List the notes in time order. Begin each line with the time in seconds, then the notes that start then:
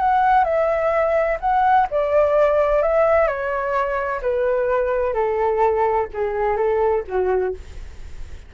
0.00 F#5
0.45 E5
1.41 F#5
1.91 D5
2.83 E5
3.28 C#5
4.22 B4
5.14 A4
6.14 G#4
6.57 A4
7.08 F#4